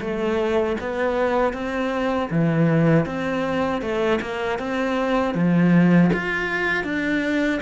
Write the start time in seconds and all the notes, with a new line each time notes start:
0.00 A3
0.80 B3
1.53 C4
2.30 E3
3.06 C4
3.81 A3
4.21 A#3
4.58 C4
5.34 F3
6.13 F4
6.84 D4